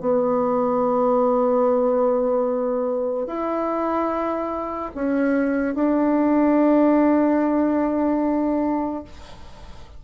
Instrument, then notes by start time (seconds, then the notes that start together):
bassoon
0.00 B3
3.27 E4
4.95 C#4
5.75 D4